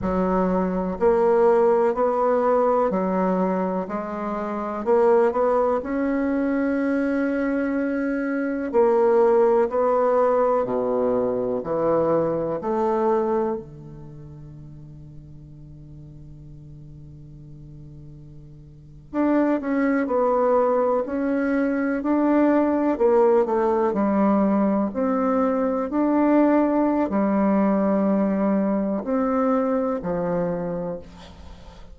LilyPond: \new Staff \with { instrumentName = "bassoon" } { \time 4/4 \tempo 4 = 62 fis4 ais4 b4 fis4 | gis4 ais8 b8 cis'2~ | cis'4 ais4 b4 b,4 | e4 a4 d2~ |
d2.~ d8. d'16~ | d'16 cis'8 b4 cis'4 d'4 ais16~ | ais16 a8 g4 c'4 d'4~ d'16 | g2 c'4 f4 | }